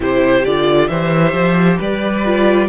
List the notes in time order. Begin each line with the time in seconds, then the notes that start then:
0.00 C3 E4 G4 C5
0.44 D3 F4 D5
0.87 E3 G4 C5 E5
1.33 F3
1.78 G3 B4 D5
2.25 F4